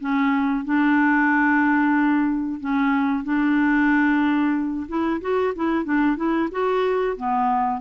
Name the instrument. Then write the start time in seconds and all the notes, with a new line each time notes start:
clarinet
0.00 C#4
0.65 D4
2.60 C#4
3.24 D4
4.88 E4
5.21 F#4
5.56 E4
5.85 D4
6.16 E4
6.51 F#4
7.17 B3